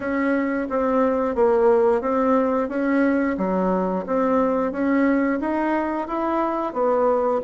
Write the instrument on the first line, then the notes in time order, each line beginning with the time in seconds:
bassoon
0.00 C#4
0.69 C4
1.35 A#3
2.01 C4
2.68 C#4
3.37 F#3
4.06 C4
4.72 C#4
5.40 D#4
6.07 E4
6.73 B3